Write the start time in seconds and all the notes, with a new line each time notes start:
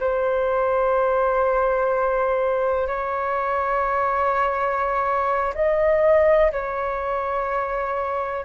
0.00 C5
2.88 C#5
5.55 D#5
6.52 C#5